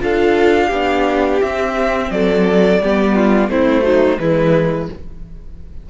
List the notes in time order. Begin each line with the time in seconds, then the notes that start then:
0.00 D4 F4 A4 F5
0.67 B3 D4 G4
1.41 C4 E5
2.10 F#3 A4 D5
2.81 G3 B3 G4
3.15 F4
3.48 A3 C4 E4 C5
3.82 F#3 D#4
4.18 E3 G#3 E4 B4